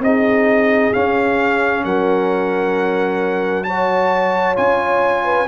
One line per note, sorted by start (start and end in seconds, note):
0.00 0.91 C4
0.00 0.93 D#4
0.00 1.84 G#4
0.00 0.93 D#5
0.93 3.65 C#4
0.93 1.84 C#4
0.93 1.84 F5
1.84 4.57 F#3
1.84 3.66 A#4
1.84 3.64 F#5
3.64 4.55 F#4
3.64 5.24 C#5
3.64 4.55 A5
4.55 5.48 C#4
4.55 5.46 F4
4.55 5.48 G#5
5.24 5.47 B4